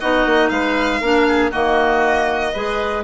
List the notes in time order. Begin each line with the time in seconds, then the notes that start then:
0.00 B3 D#4 F#4 D#5
0.26 A#3
0.49 G#3 B4 F5
1.01 A#3 D4 A#4
1.28 G#4
1.51 D#3 A#3 F#4 D#5
2.53 G#3 G#4 B4